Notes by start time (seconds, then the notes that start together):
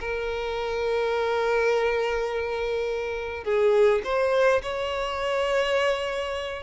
0.00 A#4
3.44 G#4
4.04 C5
4.62 C#5